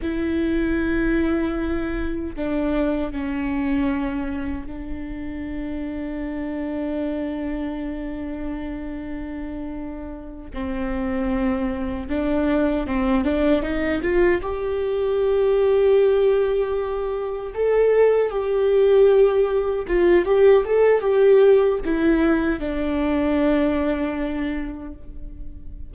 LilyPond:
\new Staff \with { instrumentName = "viola" } { \time 4/4 \tempo 4 = 77 e'2. d'4 | cis'2 d'2~ | d'1~ | d'4. c'2 d'8~ |
d'8 c'8 d'8 dis'8 f'8 g'4.~ | g'2~ g'8 a'4 g'8~ | g'4. f'8 g'8 a'8 g'4 | e'4 d'2. | }